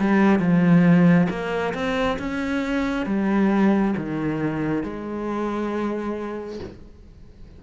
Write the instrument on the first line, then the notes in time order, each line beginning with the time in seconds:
cello
0.00 G3
0.40 F3
1.30 A#3
1.74 C4
2.19 C#4
3.06 G3
3.97 D#3
4.83 G#3